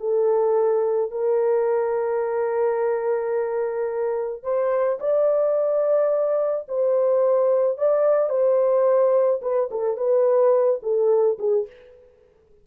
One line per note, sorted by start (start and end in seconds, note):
0.00 1.11 A4
1.11 4.43 A#4
4.43 4.98 C5
5.00 6.66 D5
6.68 7.78 C5
7.78 8.30 D5
8.30 9.41 C5
9.42 9.69 B4
9.71 9.97 A4
9.97 10.80 B4
10.83 11.38 A4
11.39 11.66 G#4